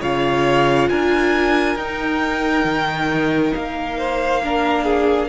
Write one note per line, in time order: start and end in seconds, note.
0.00 0.89 C#3
0.00 1.78 F4
0.00 0.88 C#5
0.00 0.89 F5
0.89 1.75 D4
0.89 3.97 A#4
0.89 1.77 G#5
1.75 2.63 D#4
1.75 4.43 D#4
1.75 3.53 G5
2.63 3.52 D#3
3.54 5.28 A#3
3.54 5.28 F5
3.97 4.42 C5
4.43 5.28 D4
4.43 4.84 A#4
4.84 5.28 G#4